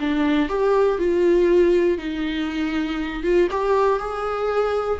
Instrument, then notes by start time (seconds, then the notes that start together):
viola
0.00 D4
0.49 G4
0.99 F4
1.98 D#4
3.23 F4
3.51 G4
3.99 G#4